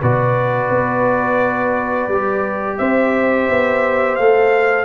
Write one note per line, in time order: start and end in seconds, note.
0.00 0.69 B2
0.00 2.11 F#4
0.00 2.79 B4
0.00 2.77 D5
0.69 2.08 B3
2.08 2.78 G3
2.08 4.19 G4
2.77 3.49 C4
2.77 4.85 C5
2.77 4.15 E5
3.49 4.19 B3
4.15 4.85 A3
4.15 4.85 A4
4.15 4.85 F5